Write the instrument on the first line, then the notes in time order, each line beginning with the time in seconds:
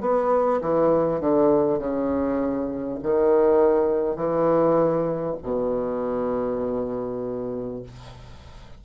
bassoon
0.00 B3
0.61 E3
1.20 D3
1.78 C#3
3.03 D#3
4.16 E3
5.42 B2